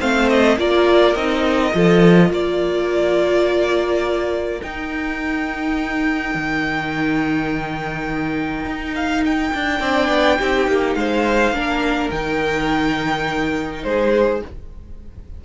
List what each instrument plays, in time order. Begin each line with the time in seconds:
0.00 cello A3, viola C4, violin C5 F5
0.29 violin D#5
0.58 cello A#3, viola F4, violin A#4 D5
1.15 cello C4, viola D#4, violin D#5
1.72 cello F3, viola F4, violin A4
2.30 cello A#3, violin A#4 D5
4.61 viola D#4, cello D#4, violin G5
6.34 cello D#3
8.66 cello D#4
8.95 violin F5
9.25 violin G5
9.54 cello D4
9.80 cello C4, viola D4, violin D5
10.09 cello B3
10.39 cello C4, viola D#4, violin G4
10.67 cello A#3
10.95 cello G#3, violin C5 F5
11.52 cello A#3, viola D4, violin A#4
12.11 cello D#3, viola D#4, violin G5
13.84 cello G#3, violin G#4 C5